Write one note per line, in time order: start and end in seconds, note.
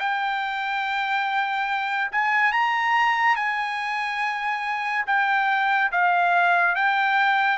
0.00 2.11 G5
2.12 2.52 G#5
2.52 3.36 A#5
3.36 5.06 G#5
5.07 5.92 G5
5.92 6.76 F5
6.76 7.58 G5